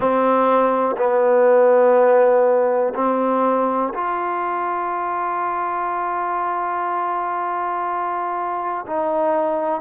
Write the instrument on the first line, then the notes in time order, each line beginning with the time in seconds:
trombone
0.00 C4
0.97 B3
2.94 C4
3.93 F4
8.86 D#4